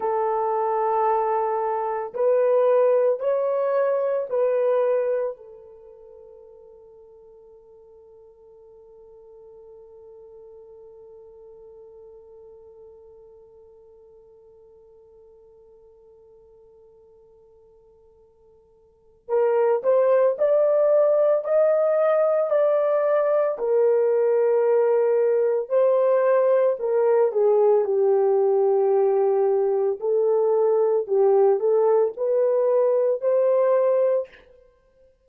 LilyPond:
\new Staff \with { instrumentName = "horn" } { \time 4/4 \tempo 4 = 56 a'2 b'4 cis''4 | b'4 a'2.~ | a'1~ | a'1~ |
a'2 ais'8 c''8 d''4 | dis''4 d''4 ais'2 | c''4 ais'8 gis'8 g'2 | a'4 g'8 a'8 b'4 c''4 | }